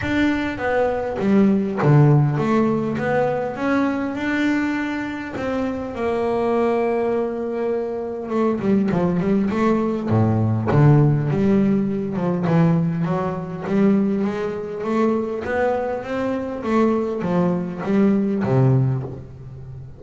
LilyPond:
\new Staff \with { instrumentName = "double bass" } { \time 4/4 \tempo 4 = 101 d'4 b4 g4 d4 | a4 b4 cis'4 d'4~ | d'4 c'4 ais2~ | ais2 a8 g8 f8 g8 |
a4 a,4 d4 g4~ | g8 f8 e4 fis4 g4 | gis4 a4 b4 c'4 | a4 f4 g4 c4 | }